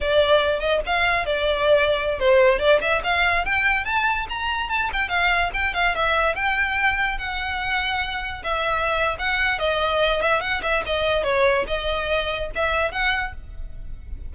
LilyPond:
\new Staff \with { instrumentName = "violin" } { \time 4/4 \tempo 4 = 144 d''4. dis''8 f''4 d''4~ | d''4~ d''16 c''4 d''8 e''8 f''8.~ | f''16 g''4 a''4 ais''4 a''8 g''16~ | g''16 f''4 g''8 f''8 e''4 g''8.~ |
g''4~ g''16 fis''2~ fis''8.~ | fis''16 e''4.~ e''16 fis''4 dis''4~ | dis''8 e''8 fis''8 e''8 dis''4 cis''4 | dis''2 e''4 fis''4 | }